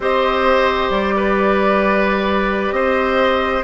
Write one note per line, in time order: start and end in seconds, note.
0.00 0.90 C4
0.00 3.63 G4
0.00 1.15 C5
0.00 0.90 D#5
0.90 2.71 G3
0.90 2.72 D5
1.16 2.74 B4
2.71 3.62 C4
2.71 3.63 C5
2.71 3.63 D#5